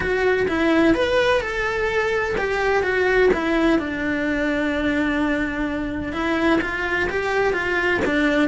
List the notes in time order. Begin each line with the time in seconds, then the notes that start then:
0.00 F#4
0.48 E4
0.94 B4
1.40 A4
2.37 G4
2.82 F#4
3.33 E4
3.78 D4
6.12 E4
6.61 F4
7.09 G4
7.53 F4
8.05 D4